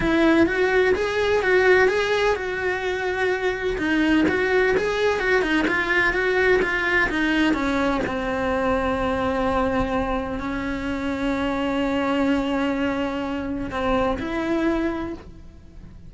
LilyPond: \new Staff \with { instrumentName = "cello" } { \time 4/4 \tempo 4 = 127 e'4 fis'4 gis'4 fis'4 | gis'4 fis'2. | dis'4 fis'4 gis'4 fis'8 dis'8 | f'4 fis'4 f'4 dis'4 |
cis'4 c'2.~ | c'2 cis'2~ | cis'1~ | cis'4 c'4 e'2 | }